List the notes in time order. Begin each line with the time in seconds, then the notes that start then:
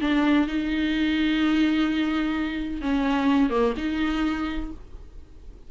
0.00 D4
0.47 D#4
2.81 C#4
3.49 A#3
3.76 D#4